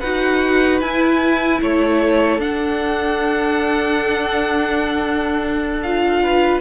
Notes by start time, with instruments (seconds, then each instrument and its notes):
0.00 cello D#4, viola F#4, violin B4 F#5
0.81 cello E4, viola E4, violin G#5
1.62 cello A3, violin A4 C#5
2.39 cello D4, viola D4, violin F#5
5.83 viola F4, violin F5
6.23 violin B4